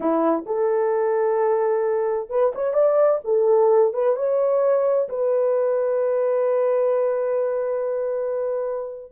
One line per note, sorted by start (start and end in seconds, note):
0.00 0.44 E4
0.46 2.29 A4
2.29 2.52 B4
2.54 2.73 C#5
2.73 3.20 D5
3.24 3.93 A4
3.93 4.16 B4
4.16 5.08 C#5
5.08 9.12 B4